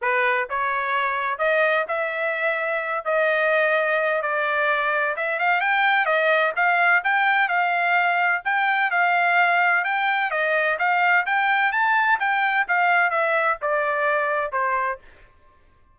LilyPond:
\new Staff \with { instrumentName = "trumpet" } { \time 4/4 \tempo 4 = 128 b'4 cis''2 dis''4 | e''2~ e''8 dis''4.~ | dis''4 d''2 e''8 f''8 | g''4 dis''4 f''4 g''4 |
f''2 g''4 f''4~ | f''4 g''4 dis''4 f''4 | g''4 a''4 g''4 f''4 | e''4 d''2 c''4 | }